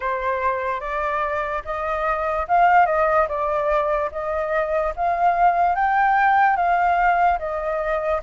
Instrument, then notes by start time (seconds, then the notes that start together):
flute
0.00 C5
0.80 D5
1.64 D#5
2.47 F5
2.85 D#5
3.28 D5
4.11 D#5
4.96 F5
5.75 G5
6.56 F5
7.39 D#5